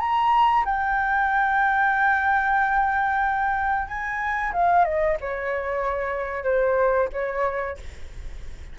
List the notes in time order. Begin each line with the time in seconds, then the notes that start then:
0.00 A#5
0.65 G5
3.88 G#5
4.53 F5
4.85 D#5
5.21 C#5
6.44 C5
7.13 C#5